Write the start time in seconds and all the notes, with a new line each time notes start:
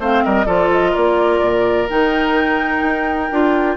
0.00 A3 C4 C5 F5
0.25 G3 A#4 D#5
0.46 F3 F4 A4 D5
0.71 D#5
0.92 A#3 A#4 D5
1.41 A#2
1.89 D#3 D#4 G5
2.83 D#4
3.31 D4 F4